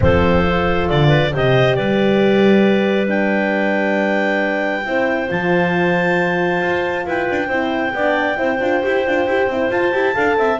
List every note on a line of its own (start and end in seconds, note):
0.00 0.89 F3
0.00 0.43 C4
0.00 1.08 A4
0.00 0.89 C5
0.43 1.31 F4
0.89 1.33 D3
0.89 1.33 D5
1.08 1.30 B4
1.32 1.77 C3
1.32 3.07 G4
1.32 1.76 C5
1.32 1.74 D#5
1.74 4.85 G3
1.74 4.85 B4
1.74 3.07 D5
3.07 4.83 D4
3.07 5.29 G5
4.85 5.29 C4
4.85 5.27 E4
4.85 7.06 C5
5.27 6.61 F3
5.27 7.48 F4
5.27 7.06 A5
6.61 7.05 F4
7.06 7.28 E4
7.06 7.47 B4
7.06 9.70 G5
7.30 7.48 D4
7.47 7.92 C4
7.47 7.93 E4
7.47 7.91 C5
7.93 8.37 B3
7.93 8.36 D4
7.93 8.38 D5
8.36 8.60 C4
8.36 8.58 E4
8.36 10.14 C5
8.60 8.82 D4
8.60 8.82 F4
8.83 9.07 E4
8.83 9.05 G4
9.06 9.26 D4
9.06 9.28 F4
9.26 9.47 E4
9.26 9.50 G4
9.47 9.69 C4
9.47 9.71 E4
9.70 9.92 F4
9.70 10.59 A5
9.92 10.15 E4
9.92 10.14 G4
10.14 10.36 D4
10.14 10.58 A4
10.14 10.36 F5
10.36 10.58 C4
10.36 10.59 E5